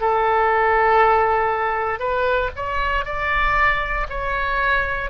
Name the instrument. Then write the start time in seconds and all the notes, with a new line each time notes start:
oboe
0.00 A4
1.99 B4
2.56 C#5
3.05 D5
4.09 C#5